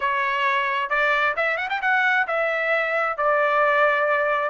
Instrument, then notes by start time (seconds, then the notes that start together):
trumpet
0.00 C#5
0.89 D5
1.36 E5
1.57 F#5
1.69 G5
1.81 F#5
2.27 E5
3.17 D5